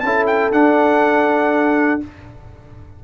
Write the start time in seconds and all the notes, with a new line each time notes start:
0.00 C#4 E4 A4 A5
0.27 G5
0.52 D4 F#5